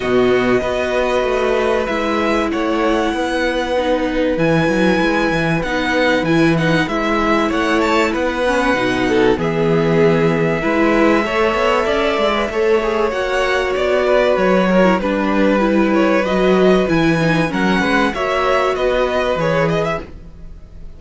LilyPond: <<
  \new Staff \with { instrumentName = "violin" } { \time 4/4 \tempo 4 = 96 dis''2. e''4 | fis''2. gis''4~ | gis''4 fis''4 gis''8 fis''8 e''4 | fis''8 a''8 fis''2 e''4~ |
e''1~ | e''4 fis''4 d''4 cis''4 | b'4. cis''8 dis''4 gis''4 | fis''4 e''4 dis''4 cis''8 dis''16 e''16 | }
  \new Staff \with { instrumentName = "violin" } { \time 4/4 fis'4 b'2. | cis''4 b'2.~ | b'1 | cis''4 b'4. a'8 gis'4~ |
gis'4 b'4 cis''4 d''4 | cis''2~ cis''8 b'4 ais'8 | b'1 | ais'8 b'8 cis''4 b'2 | }
  \new Staff \with { instrumentName = "viola" } { \time 4/4 b4 fis'2 e'4~ | e'2 dis'4 e'4~ | e'4 dis'4 e'8 dis'8 e'4~ | e'4. cis'8 dis'4 b4~ |
b4 e'4 a'4.~ a'16 b'16 | a'8 gis'8 fis'2~ fis'8. e'16 | d'4 e'4 fis'4 e'8 dis'8 | cis'4 fis'2 gis'4 | }
  \new Staff \with { instrumentName = "cello" } { \time 4/4 b,4 b4 a4 gis4 | a4 b2 e8 fis8 | gis8 e8 b4 e4 gis4 | a4 b4 b,4 e4~ |
e4 gis4 a8 b8 cis'8 gis8 | a4 ais4 b4 fis4 | g2 fis4 e4 | fis8 gis8 ais4 b4 e4 | }
>>